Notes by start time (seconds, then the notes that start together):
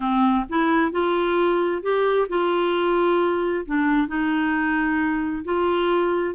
0.00 C4
0.49 E4
0.91 F4
1.82 G4
2.29 F4
3.65 D4
4.07 D#4
5.44 F4